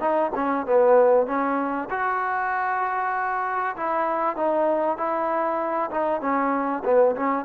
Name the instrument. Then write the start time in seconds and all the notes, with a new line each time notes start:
trombone
0.00 D#4
0.35 C#4
0.66 B3
1.27 C#4
1.90 F#4
3.76 E4
4.36 D#4
4.97 E4
5.90 D#4
6.21 C#4
6.84 B3
7.16 C#4